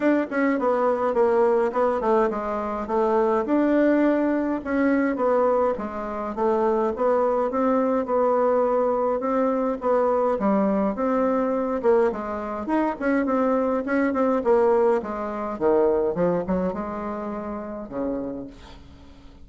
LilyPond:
\new Staff \with { instrumentName = "bassoon" } { \time 4/4 \tempo 4 = 104 d'8 cis'8 b4 ais4 b8 a8 | gis4 a4 d'2 | cis'4 b4 gis4 a4 | b4 c'4 b2 |
c'4 b4 g4 c'4~ | c'8 ais8 gis4 dis'8 cis'8 c'4 | cis'8 c'8 ais4 gis4 dis4 | f8 fis8 gis2 cis4 | }